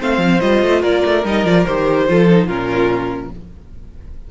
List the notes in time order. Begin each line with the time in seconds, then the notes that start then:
0.00 A3 C4 C5 F5
0.18 F3
0.41 G3 F4 D#5
0.63 A3
0.82 A#3 A#4 D5
1.05 A3
1.25 G3 D#4 D#5
1.45 F3 F4 D5
1.66 D#3 G4 C5
2.08 F3 F4 A4
2.30 D#4
2.47 A#2 C#4 F4 A#4